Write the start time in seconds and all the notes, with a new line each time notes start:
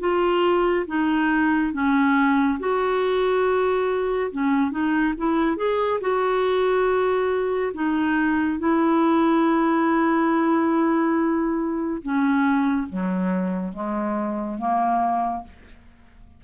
0.00 F4
0.87 D#4
1.73 C#4
2.59 F#4
4.32 C#4
4.71 D#4
5.18 E4
5.57 G#4
6.01 F#4
7.74 D#4
8.59 E4
12.02 C#4
12.89 F#3
13.73 G#3
14.58 A#3